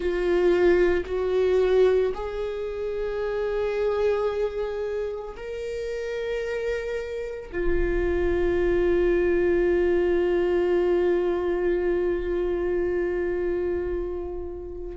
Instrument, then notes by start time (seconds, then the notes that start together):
viola
0.00 F4
1.05 F#4
2.14 G#4
5.36 A#4
7.51 F4